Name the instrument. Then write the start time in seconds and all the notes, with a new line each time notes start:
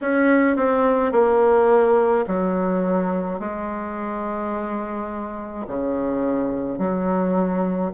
bassoon
0.01 C#4
0.56 C4
1.12 A#3
2.26 F#3
3.40 G#3
5.67 C#3
6.78 F#3